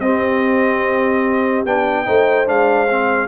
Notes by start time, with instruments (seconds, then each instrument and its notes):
0.00 tuba C4, trombone C4, horn G4, trumpet D#5
1.66 tuba B3, trombone D4, trumpet G5
2.06 tuba A3, trombone D#4, horn C5
2.46 tuba G#3, trombone D4, trumpet F5
2.91 trombone C4